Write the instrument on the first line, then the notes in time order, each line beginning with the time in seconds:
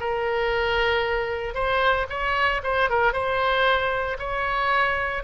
oboe
0.00 A#4
1.54 C5
2.09 C#5
2.63 C5
2.90 A#4
3.13 C5
4.19 C#5